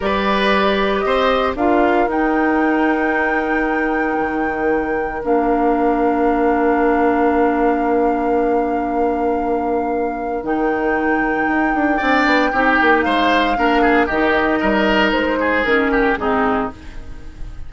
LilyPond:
<<
  \new Staff \with { instrumentName = "flute" } { \time 4/4 \tempo 4 = 115 d''2 dis''4 f''4 | g''1~ | g''2 f''2~ | f''1~ |
f''1 | g''1~ | g''4 f''2 dis''4~ | dis''4 c''4 ais'4 gis'4 | }
  \new Staff \with { instrumentName = "oboe" } { \time 4/4 b'2 c''4 ais'4~ | ais'1~ | ais'1~ | ais'1~ |
ais'1~ | ais'2. d''4 | g'4 c''4 ais'8 gis'8 g'4 | ais'4. gis'4 g'8 dis'4 | }
  \new Staff \with { instrumentName = "clarinet" } { \time 4/4 g'2. f'4 | dis'1~ | dis'2 d'2~ | d'1~ |
d'1 | dis'2. d'4 | dis'2 d'4 dis'4~ | dis'2 cis'4 c'4 | }
  \new Staff \with { instrumentName = "bassoon" } { \time 4/4 g2 c'4 d'4 | dis'1 | dis2 ais2~ | ais1~ |
ais1 | dis2 dis'8 d'8 c'8 b8 | c'8 ais8 gis4 ais4 dis4 | g4 gis4 dis4 gis,4 | }
>>